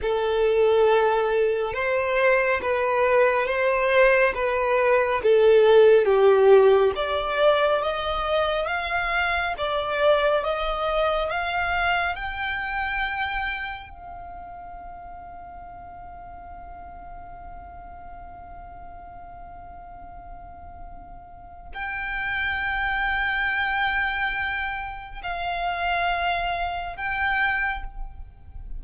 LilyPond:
\new Staff \with { instrumentName = "violin" } { \time 4/4 \tempo 4 = 69 a'2 c''4 b'4 | c''4 b'4 a'4 g'4 | d''4 dis''4 f''4 d''4 | dis''4 f''4 g''2 |
f''1~ | f''1~ | f''4 g''2.~ | g''4 f''2 g''4 | }